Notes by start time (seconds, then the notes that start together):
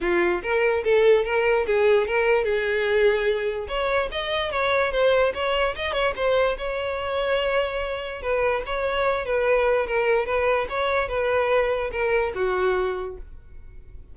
0.00 F4
0.42 A#4
0.84 A4
1.24 A#4
1.66 G#4
2.07 A#4
2.44 G#4
3.68 C#5
4.11 D#5
4.51 C#5
4.91 C5
5.34 C#5
5.75 D#5
5.93 C#5
6.16 C5
6.57 C#5
8.21 B4
8.65 C#5
9.25 B4
9.86 A#4
10.26 B4
10.69 C#5
11.08 B4
11.91 A#4
12.35 F#4